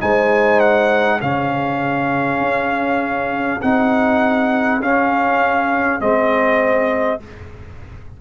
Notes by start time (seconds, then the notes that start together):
0.00 G#3 D#4 C5 G#5
0.60 F#5
1.20 C#3 C#4 G#4 F5
2.41 C#4
3.61 C4 D#4 F#5
4.79 C#4 F5
6.00 G#3 C4 D#5